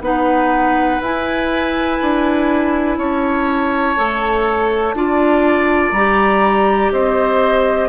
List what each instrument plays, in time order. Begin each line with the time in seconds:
0.00 bassoon B3, clarinet D#4, oboe B4, flute F#5
1.00 bassoon E4, clarinet E4, flute G#5
2.01 bassoon D4
2.97 bassoon C#4, oboe C#5, flute A5
3.97 bassoon A3, clarinet A4
4.93 bassoon D4, clarinet F4, oboe D5
5.92 bassoon G3, clarinet G4, flute A#5
6.91 bassoon C4, oboe C5, flute D#5